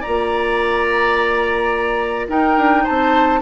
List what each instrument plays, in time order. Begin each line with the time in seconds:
0.00 clarinet F4, oboe D5, flute A#5
0.07 bassoon A#3
2.28 clarinet D#4, bassoon D#4, oboe A#4, flute G5
2.57 bassoon D4
2.83 bassoon C4, oboe C5, flute A5